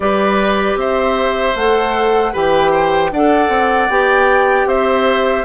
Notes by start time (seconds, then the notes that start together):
0.00 G3 G4 B4 D5
0.75 C4 C5 E5
1.55 A3 A4 F#5
2.32 E3 G4 B4 G5
2.71 C5
3.11 D4 A4 D5 F#5
3.48 C4
3.89 B3 G4 G5
4.65 C4 C5 E5